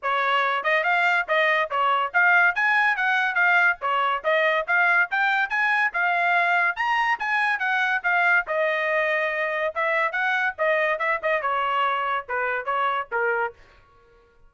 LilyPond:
\new Staff \with { instrumentName = "trumpet" } { \time 4/4 \tempo 4 = 142 cis''4. dis''8 f''4 dis''4 | cis''4 f''4 gis''4 fis''4 | f''4 cis''4 dis''4 f''4 | g''4 gis''4 f''2 |
ais''4 gis''4 fis''4 f''4 | dis''2. e''4 | fis''4 dis''4 e''8 dis''8 cis''4~ | cis''4 b'4 cis''4 ais'4 | }